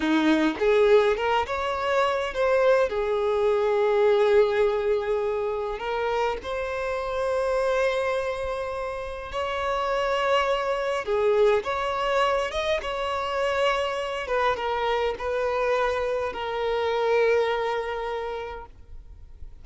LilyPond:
\new Staff \with { instrumentName = "violin" } { \time 4/4 \tempo 4 = 103 dis'4 gis'4 ais'8 cis''4. | c''4 gis'2.~ | gis'2 ais'4 c''4~ | c''1 |
cis''2. gis'4 | cis''4. dis''8 cis''2~ | cis''8 b'8 ais'4 b'2 | ais'1 | }